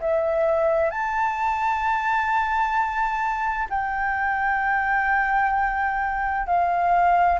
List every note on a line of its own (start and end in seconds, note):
0.00 0.91 E5
0.91 3.68 A5
3.70 6.47 G5
6.47 7.39 F5